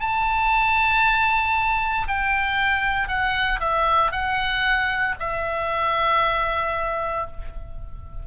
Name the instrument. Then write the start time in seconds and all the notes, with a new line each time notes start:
oboe
0.00 A5
2.07 G5
3.08 F#5
3.60 E5
4.11 F#5
5.20 E5